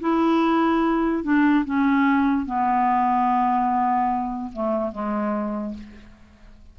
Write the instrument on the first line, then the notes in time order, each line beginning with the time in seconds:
clarinet
0.00 E4
1.23 D4
1.65 C#4
2.46 B3
4.52 A3
4.92 G#3